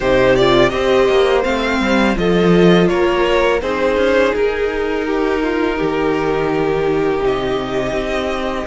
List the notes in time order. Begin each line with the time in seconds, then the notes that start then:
0.00 C3 D#4 G4 C5
0.35 F4 D5
0.69 C4 G4 C5 D#5
1.08 A#3
1.43 A3 C4 F5
1.79 G3
2.15 F3 F4 A4 D#5
2.87 A#3 A#4 C#5
3.61 C4 D#4 G#4 C5
3.96 C#4
4.35 D#4 A#4
5.06 G4
5.42 F4
5.77 D#3 G4
7.20 C3 D#5
7.92 C4